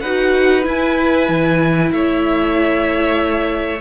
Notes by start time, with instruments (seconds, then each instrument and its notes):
0.00 cello D#4, viola F#4, violin B4 F#5
0.63 viola E4, cello E4, violin G#5
1.29 cello E3
1.92 cello A3, violin C#5 E5